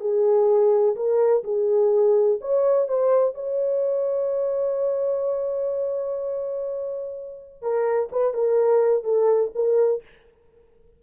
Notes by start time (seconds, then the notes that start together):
0.00 G#4
0.96 A#4
1.44 G#4
2.41 C#5
2.88 C5
3.34 C#5
7.62 A#4
8.11 B4
8.34 A#4
9.03 A4
9.55 A#4